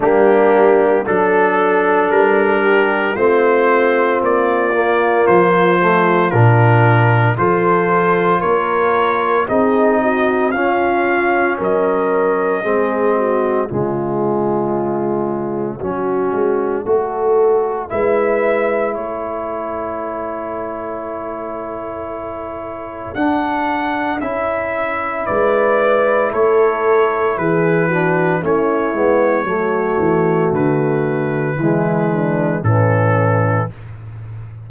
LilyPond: <<
  \new Staff \with { instrumentName = "trumpet" } { \time 4/4 \tempo 4 = 57 g'4 a'4 ais'4 c''4 | d''4 c''4 ais'4 c''4 | cis''4 dis''4 f''4 dis''4~ | dis''4 cis''2.~ |
cis''4 e''4 cis''2~ | cis''2 fis''4 e''4 | d''4 cis''4 b'4 cis''4~ | cis''4 b'2 a'4 | }
  \new Staff \with { instrumentName = "horn" } { \time 4/4 d'4 a'4. g'8 f'4~ | f'2. a'4 | ais'4 gis'8 fis'8 f'4 ais'4 | gis'8 fis'8 f'2 fis'4 |
a'4 b'4 a'2~ | a'1 | b'4 a'4 gis'8 fis'8 e'4 | fis'2 e'8 d'8 cis'4 | }
  \new Staff \with { instrumentName = "trombone" } { \time 4/4 ais4 d'2 c'4~ | c'8 ais4 a8 d'4 f'4~ | f'4 dis'4 cis'2 | c'4 gis2 cis'4 |
fis'4 e'2.~ | e'2 d'4 e'4~ | e'2~ e'8 d'8 cis'8 b8 | a2 gis4 e4 | }
  \new Staff \with { instrumentName = "tuba" } { \time 4/4 g4 fis4 g4 a4 | ais4 f4 ais,4 f4 | ais4 c'4 cis'4 fis4 | gis4 cis2 fis8 gis8 |
a4 gis4 a2~ | a2 d'4 cis'4 | gis4 a4 e4 a8 gis8 | fis8 e8 d4 e4 a,4 | }
>>